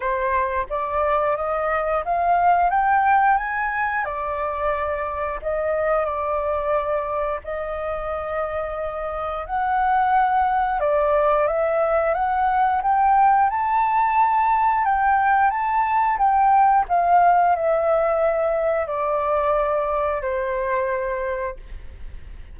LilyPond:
\new Staff \with { instrumentName = "flute" } { \time 4/4 \tempo 4 = 89 c''4 d''4 dis''4 f''4 | g''4 gis''4 d''2 | dis''4 d''2 dis''4~ | dis''2 fis''2 |
d''4 e''4 fis''4 g''4 | a''2 g''4 a''4 | g''4 f''4 e''2 | d''2 c''2 | }